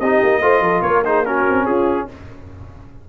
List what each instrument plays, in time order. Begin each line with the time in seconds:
0.00 tuba C4, trombone D#4, horn G4, trumpet D#5
0.23 tuba A#3
0.42 tuba A3, trombone F4, horn C5
0.61 tuba F3, horn A4
0.82 tuba A#3, horn A#4, trumpet C#5
1.05 trombone D#4, horn G#4, trumpet C5
1.26 trombone C#4, horn F#4, trumpet A#4
1.50 tuba C4
1.66 tuba C#4, horn F4, trumpet G#4